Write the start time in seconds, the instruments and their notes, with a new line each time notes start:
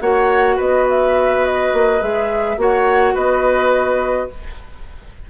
0.00 bassoon A#3, clarinet F#4, oboe C#5, flute F#5
0.56 bassoon B3, oboe B4, flute D#5
0.89 flute E5
1.45 flute D#5
1.72 bassoon A#3
2.00 bassoon G#3, clarinet G#4, flute E5
2.56 bassoon A#3, clarinet F#4, oboe C#5, flute F#5
3.14 bassoon B3, oboe B4, flute D#5